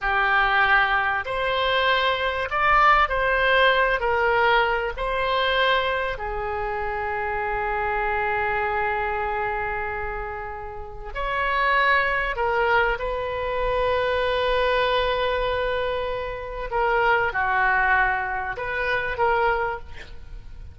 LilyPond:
\new Staff \with { instrumentName = "oboe" } { \time 4/4 \tempo 4 = 97 g'2 c''2 | d''4 c''4. ais'4. | c''2 gis'2~ | gis'1~ |
gis'2 cis''2 | ais'4 b'2.~ | b'2. ais'4 | fis'2 b'4 ais'4 | }